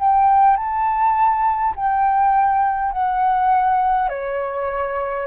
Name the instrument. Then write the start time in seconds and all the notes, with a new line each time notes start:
flute
0.00 G5
0.57 A5
1.76 G5
2.93 F#5
4.10 C#5